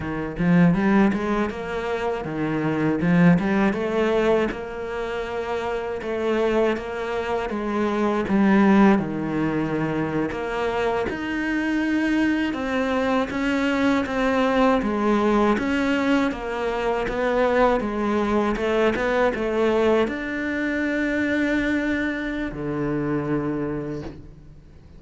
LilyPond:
\new Staff \with { instrumentName = "cello" } { \time 4/4 \tempo 4 = 80 dis8 f8 g8 gis8 ais4 dis4 | f8 g8 a4 ais2 | a4 ais4 gis4 g4 | dis4.~ dis16 ais4 dis'4~ dis'16~ |
dis'8. c'4 cis'4 c'4 gis16~ | gis8. cis'4 ais4 b4 gis16~ | gis8. a8 b8 a4 d'4~ d'16~ | d'2 d2 | }